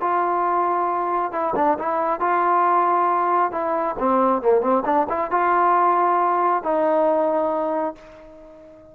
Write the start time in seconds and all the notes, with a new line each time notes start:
0.00 F4
1.32 E4
1.55 D4
1.78 E4
2.20 F4
3.51 E4
3.98 C4
4.42 A#3
4.61 C4
4.85 D4
5.09 E4
5.30 F4
6.63 D#4